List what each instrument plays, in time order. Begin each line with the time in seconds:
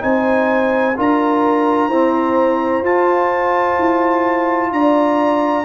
0.00 tuba C4, trombone D#4, horn C5, trumpet G#5
0.96 tuba D4, trombone F4, horn A#4, trumpet A#5
1.88 trombone C4, tuba E4, horn C5
2.82 tuba F4, trombone F4, trumpet A5
3.79 tuba E4
4.71 tuba D4, horn D5, trumpet A#5